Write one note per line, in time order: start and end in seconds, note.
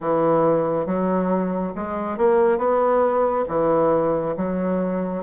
0.00 0.86 E3
0.86 1.73 F#3
1.75 2.17 G#3
2.17 2.57 A#3
2.57 3.44 B3
3.48 4.35 E3
4.36 5.23 F#3